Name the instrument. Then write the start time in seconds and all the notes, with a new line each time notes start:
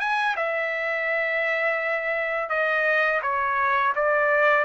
trumpet
0.00 G#5
0.36 E5
2.50 D#5
3.22 C#5
3.95 D5